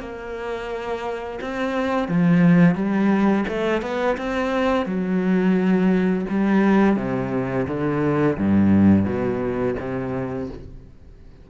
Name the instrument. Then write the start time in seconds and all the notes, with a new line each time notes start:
cello
0.00 A#3
1.41 C4
2.09 F3
2.75 G3
3.49 A3
3.82 B3
4.18 C4
4.86 F#3
6.29 G3
6.97 C3
7.68 D3
8.38 G2
9.05 B2
9.80 C3